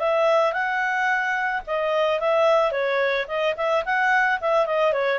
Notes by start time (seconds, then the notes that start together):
0.00 E5
0.53 F#5
1.67 D#5
2.20 E5
2.72 C#5
3.28 D#5
3.57 E5
3.86 F#5
4.41 E5
4.67 D#5
4.93 C#5